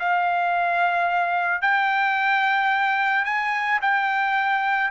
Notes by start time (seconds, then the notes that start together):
0.00 F5
1.62 G5
3.25 G#5
3.82 G5